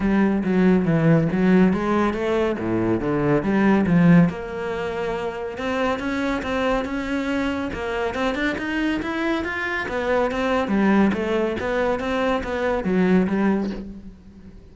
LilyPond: \new Staff \with { instrumentName = "cello" } { \time 4/4 \tempo 4 = 140 g4 fis4 e4 fis4 | gis4 a4 a,4 d4 | g4 f4 ais2~ | ais4 c'4 cis'4 c'4 |
cis'2 ais4 c'8 d'8 | dis'4 e'4 f'4 b4 | c'4 g4 a4 b4 | c'4 b4 fis4 g4 | }